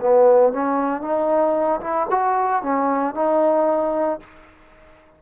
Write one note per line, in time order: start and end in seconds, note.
0.00 0.52 B3
0.52 1.01 C#4
1.01 1.80 D#4
1.80 2.07 E4
2.10 2.62 F#4
2.62 3.14 C#4
3.14 4.20 D#4